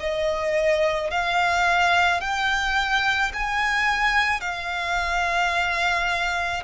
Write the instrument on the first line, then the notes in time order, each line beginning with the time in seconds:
violin
0.00 D#5
1.11 F5
2.21 G5
3.33 G#5
4.40 F5